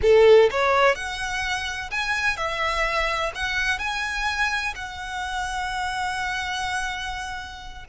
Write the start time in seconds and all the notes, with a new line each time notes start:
0.02 A4
0.50 C#5
0.95 F#5
1.90 G#5
2.36 E5
3.34 F#5
3.78 G#5
4.75 F#5